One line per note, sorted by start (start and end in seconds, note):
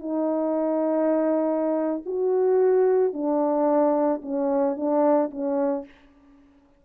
0.00 2.03 D#4
2.06 3.14 F#4
3.14 4.22 D4
4.23 4.77 C#4
4.77 5.31 D4
5.31 5.85 C#4